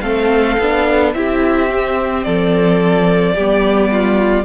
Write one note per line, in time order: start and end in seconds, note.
0.00 0.56 A3
0.00 0.58 C4
0.00 1.14 A4
0.00 1.11 F5
0.59 1.14 B3
0.59 1.14 D4
1.13 2.25 C4
1.13 1.69 E4
1.13 2.25 G4
1.13 2.23 E5
1.69 3.35 C4
2.23 3.36 F3
2.23 3.34 A4
2.23 4.44 D5
3.34 4.44 G3
3.34 4.44 B3
3.34 3.90 G4
3.91 4.44 F4